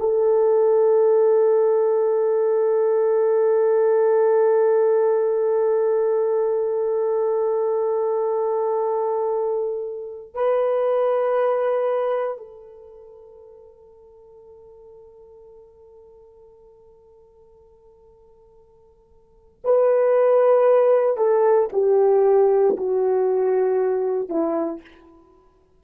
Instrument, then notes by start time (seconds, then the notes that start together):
horn
0.00 A4
10.34 B4
12.38 A4
19.65 B4
21.17 A4
21.73 G4
22.78 F#4
24.30 E4